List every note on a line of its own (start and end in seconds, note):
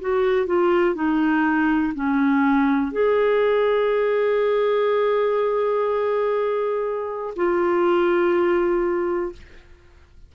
0.00 0.46 F#4
0.46 0.94 F4
0.94 1.93 D#4
1.94 2.92 C#4
2.92 7.34 G#4
7.35 9.32 F4